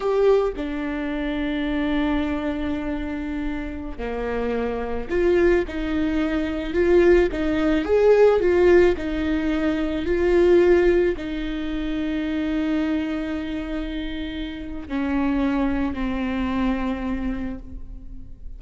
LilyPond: \new Staff \with { instrumentName = "viola" } { \time 4/4 \tempo 4 = 109 g'4 d'2.~ | d'2.~ d'16 ais8.~ | ais4~ ais16 f'4 dis'4.~ dis'16~ | dis'16 f'4 dis'4 gis'4 f'8.~ |
f'16 dis'2 f'4.~ f'16~ | f'16 dis'2.~ dis'8.~ | dis'2. cis'4~ | cis'4 c'2. | }